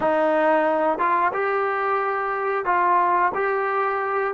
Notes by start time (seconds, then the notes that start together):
0.00 D#4
0.98 F4
1.33 G4
2.65 F4
3.34 G4